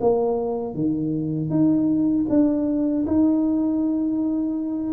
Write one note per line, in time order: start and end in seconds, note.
0.00 0.74 A#3
0.74 1.49 D#3
1.49 2.25 D#4
2.29 3.05 D4
3.06 4.93 D#4